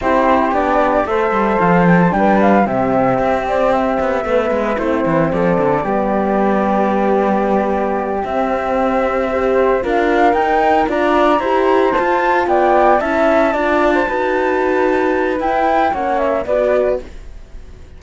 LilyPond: <<
  \new Staff \with { instrumentName = "flute" } { \time 4/4 \tempo 4 = 113 c''4 d''4 e''4 f''8 g''16 a''16 | g''8 f''8 e''4. d''8 e''4~ | e''4 c''4 d''2~ | d''2.~ d''8 e''8~ |
e''2~ e''8 f''4 g''8~ | g''8 ais''2 a''4 g''8~ | g''8 a''2.~ a''8~ | a''4 g''4 fis''8 e''8 d''4 | }
  \new Staff \with { instrumentName = "flute" } { \time 4/4 g'2 c''2 | b'4 g'2. | b'4 e'4 a'4 g'4~ | g'1~ |
g'4. c''4 ais'4.~ | ais'8 d''4 c''2 d''8~ | d''8 e''4 d''8. c''16 b'4.~ | b'2 cis''4 b'4 | }
  \new Staff \with { instrumentName = "horn" } { \time 4/4 e'4 d'4 a'2 | d'4 c'2. | b4 c'2 b4~ | b2.~ b8 c'8~ |
c'4. g'4 f'4 dis'8~ | dis'8 f'4 g'4 f'4.~ | f'8 e'4 f'4 fis'4.~ | fis'4 e'4 cis'4 fis'4 | }
  \new Staff \with { instrumentName = "cello" } { \time 4/4 c'4 b4 a8 g8 f4 | g4 c4 c'4. b8 | a8 gis8 a8 e8 f8 d8 g4~ | g2.~ g8 c'8~ |
c'2~ c'8 d'4 dis'8~ | dis'8 d'4 e'4 f'4 b8~ | b8 cis'4 d'4 dis'4.~ | dis'4 e'4 ais4 b4 | }
>>